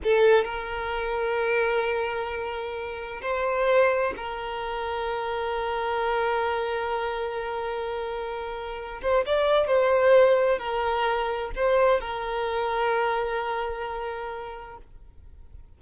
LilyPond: \new Staff \with { instrumentName = "violin" } { \time 4/4 \tempo 4 = 130 a'4 ais'2.~ | ais'2. c''4~ | c''4 ais'2.~ | ais'1~ |
ais'2.~ ais'8 c''8 | d''4 c''2 ais'4~ | ais'4 c''4 ais'2~ | ais'1 | }